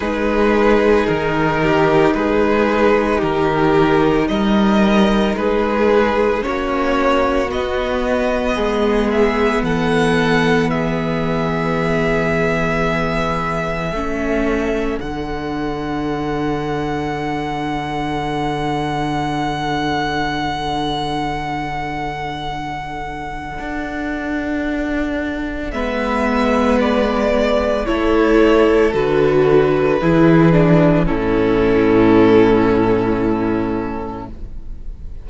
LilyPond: <<
  \new Staff \with { instrumentName = "violin" } { \time 4/4 \tempo 4 = 56 b'4 ais'4 b'4 ais'4 | dis''4 b'4 cis''4 dis''4~ | dis''8 e''8 fis''4 e''2~ | e''2 fis''2~ |
fis''1~ | fis''1 | e''4 d''4 cis''4 b'4~ | b'4 a'2. | }
  \new Staff \with { instrumentName = "violin" } { \time 4/4 gis'4. g'8 gis'4 g'4 | ais'4 gis'4 fis'2 | gis'4 a'4 gis'2~ | gis'4 a'2.~ |
a'1~ | a'1 | b'2 a'2 | gis'4 e'2. | }
  \new Staff \with { instrumentName = "viola" } { \time 4/4 dis'1~ | dis'2 cis'4 b4~ | b1~ | b4 cis'4 d'2~ |
d'1~ | d'1 | b2 e'4 fis'4 | e'8 d'8 cis'2. | }
  \new Staff \with { instrumentName = "cello" } { \time 4/4 gis4 dis4 gis4 dis4 | g4 gis4 ais4 b4 | gis4 e2.~ | e4 a4 d2~ |
d1~ | d2 d'2 | gis2 a4 d4 | e4 a,2. | }
>>